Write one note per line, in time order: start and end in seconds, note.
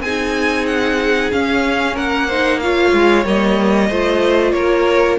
0.00 1.29 C4
0.00 1.95 G#4
0.00 0.66 G#5
0.06 1.33 D#4
0.67 1.31 F#5
1.32 2.29 C#4
1.32 1.97 C#4
1.32 1.97 F5
1.95 2.93 A#3
1.95 2.27 A#4
1.95 2.60 F#5
2.27 2.63 D#4
2.27 2.60 C5
2.60 3.26 F4
2.60 3.89 C#5
2.60 3.25 F5
2.93 3.25 G#3
3.25 3.90 G3
3.25 3.90 A#3
3.25 4.53 D#5
3.89 4.53 A3
3.89 5.19 F4
3.89 4.53 C5
4.53 5.18 A#3
4.53 5.19 A#4
4.53 5.17 C#5